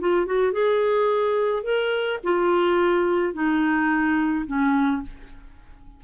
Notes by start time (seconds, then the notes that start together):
0.00 F4
0.26 F#4
0.53 G#4
1.63 A#4
2.24 F4
3.34 D#4
4.47 C#4